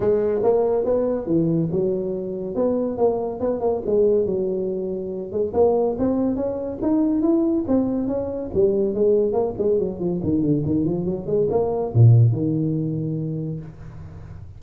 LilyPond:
\new Staff \with { instrumentName = "tuba" } { \time 4/4 \tempo 4 = 141 gis4 ais4 b4 e4 | fis2 b4 ais4 | b8 ais8 gis4 fis2~ | fis8 gis8 ais4 c'4 cis'4 |
dis'4 e'4 c'4 cis'4 | g4 gis4 ais8 gis8 fis8 f8 | dis8 d8 dis8 f8 fis8 gis8 ais4 | ais,4 dis2. | }